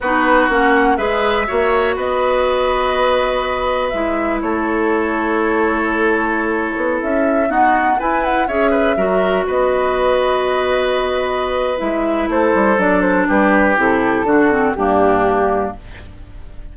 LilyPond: <<
  \new Staff \with { instrumentName = "flute" } { \time 4/4 \tempo 4 = 122 b'4 fis''4 e''2 | dis''1 | e''4 cis''2.~ | cis''2~ cis''16 e''4 fis''8.~ |
fis''16 gis''8 fis''8 e''2 dis''8.~ | dis''1 | e''4 c''4 d''8 c''8 b'4 | a'2 g'2 | }
  \new Staff \with { instrumentName = "oboe" } { \time 4/4 fis'2 b'4 cis''4 | b'1~ | b'4 a'2.~ | a'2.~ a'16 fis'8.~ |
fis'16 b'4 cis''8 b'8 ais'4 b'8.~ | b'1~ | b'4 a'2 g'4~ | g'4 fis'4 d'2 | }
  \new Staff \with { instrumentName = "clarinet" } { \time 4/4 dis'4 cis'4 gis'4 fis'4~ | fis'1 | e'1~ | e'2.~ e'16 b8.~ |
b16 e'4 gis'4 fis'4.~ fis'16~ | fis'1 | e'2 d'2 | e'4 d'8 c'8 ais2 | }
  \new Staff \with { instrumentName = "bassoon" } { \time 4/4 b4 ais4 gis4 ais4 | b1 | gis4 a2.~ | a4.~ a16 b8 cis'4 dis'8.~ |
dis'16 e'4 cis'4 fis4 b8.~ | b1 | gis4 a8 g8 fis4 g4 | c4 d4 g,2 | }
>>